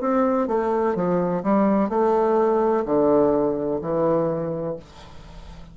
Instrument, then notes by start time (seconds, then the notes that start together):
bassoon
0.00 C4
0.47 A3
0.95 F3
1.43 G3
1.89 A3
2.85 D3
3.81 E3